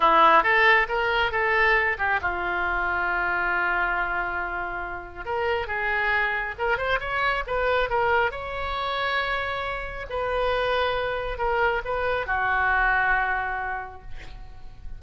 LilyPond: \new Staff \with { instrumentName = "oboe" } { \time 4/4 \tempo 4 = 137 e'4 a'4 ais'4 a'4~ | a'8 g'8 f'2.~ | f'1 | ais'4 gis'2 ais'8 c''8 |
cis''4 b'4 ais'4 cis''4~ | cis''2. b'4~ | b'2 ais'4 b'4 | fis'1 | }